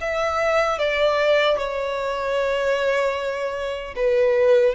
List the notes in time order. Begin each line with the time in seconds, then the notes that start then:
0.00 E5
0.78 D5
1.58 C#5
3.95 B4